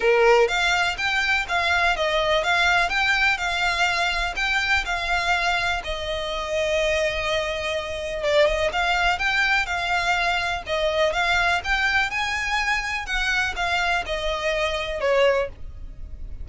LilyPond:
\new Staff \with { instrumentName = "violin" } { \time 4/4 \tempo 4 = 124 ais'4 f''4 g''4 f''4 | dis''4 f''4 g''4 f''4~ | f''4 g''4 f''2 | dis''1~ |
dis''4 d''8 dis''8 f''4 g''4 | f''2 dis''4 f''4 | g''4 gis''2 fis''4 | f''4 dis''2 cis''4 | }